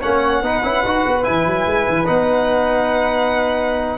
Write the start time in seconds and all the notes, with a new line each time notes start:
0.00 A#3 C#4 C#5 F#5
0.42 B3 D#4 B4
0.63 C#4 E4
0.84 D#4 F#4
1.06 B3
1.23 E3 E4 G#5
1.46 F#3
1.66 G#3
1.88 E3
2.06 B3 D#4 F#5